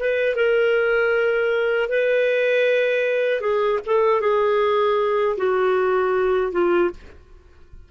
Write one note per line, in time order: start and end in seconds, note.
0.00 0.36 B4
0.36 1.90 A#4
1.90 3.41 B4
3.41 3.79 G#4
3.86 4.21 A4
4.21 5.36 G#4
5.37 6.52 F#4
6.52 6.91 F4